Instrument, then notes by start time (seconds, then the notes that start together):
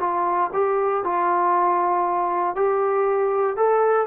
trombone
0.00 F4
0.54 G4
1.04 F4
2.56 G4
3.57 A4